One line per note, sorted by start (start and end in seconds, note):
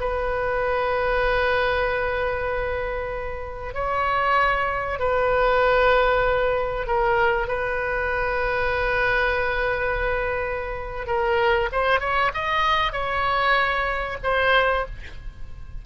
0.00 3.74 B4
3.74 4.99 C#5
5.00 6.87 B4
6.87 7.48 A#4
7.48 11.07 B4
11.07 11.70 A#4
11.72 12.00 C5
12.00 12.31 C#5
12.34 12.93 D#5
12.93 14.18 C#5
14.23 14.86 C5